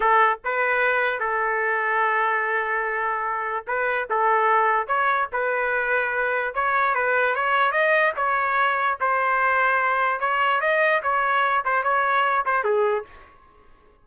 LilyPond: \new Staff \with { instrumentName = "trumpet" } { \time 4/4 \tempo 4 = 147 a'4 b'2 a'4~ | a'1~ | a'4 b'4 a'2 | cis''4 b'2. |
cis''4 b'4 cis''4 dis''4 | cis''2 c''2~ | c''4 cis''4 dis''4 cis''4~ | cis''8 c''8 cis''4. c''8 gis'4 | }